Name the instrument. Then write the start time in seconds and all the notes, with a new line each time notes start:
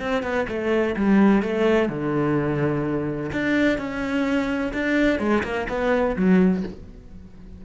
cello
0.00 C4
0.23 B3
0.49 A3
0.97 G3
1.43 A3
1.89 D3
3.32 D4
3.78 C#4
4.74 D4
5.20 G#3
5.44 A#3
5.69 B3
6.17 F#3